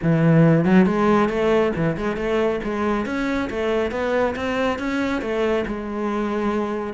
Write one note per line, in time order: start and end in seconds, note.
0.02 0.64 E3
0.64 0.86 F#3
0.86 1.29 G#3
1.29 1.72 A3
1.75 1.96 E3
1.96 2.16 G#3
2.16 2.59 A3
2.63 3.05 G#3
3.05 3.49 C#4
3.50 3.91 A3
3.91 4.34 B3
4.35 4.78 C4
4.78 5.21 C#4
5.21 5.65 A3
5.66 6.93 G#3